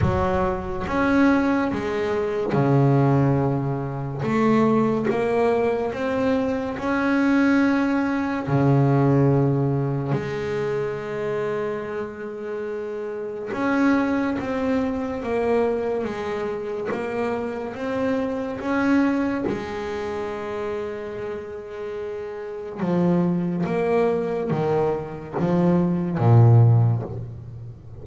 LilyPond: \new Staff \with { instrumentName = "double bass" } { \time 4/4 \tempo 4 = 71 fis4 cis'4 gis4 cis4~ | cis4 a4 ais4 c'4 | cis'2 cis2 | gis1 |
cis'4 c'4 ais4 gis4 | ais4 c'4 cis'4 gis4~ | gis2. f4 | ais4 dis4 f4 ais,4 | }